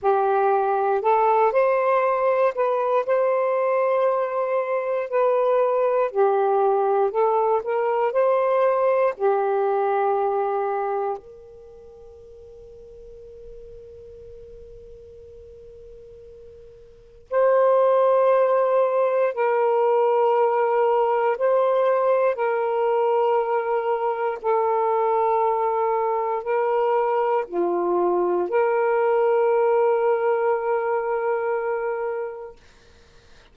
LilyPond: \new Staff \with { instrumentName = "saxophone" } { \time 4/4 \tempo 4 = 59 g'4 a'8 c''4 b'8 c''4~ | c''4 b'4 g'4 a'8 ais'8 | c''4 g'2 ais'4~ | ais'1~ |
ais'4 c''2 ais'4~ | ais'4 c''4 ais'2 | a'2 ais'4 f'4 | ais'1 | }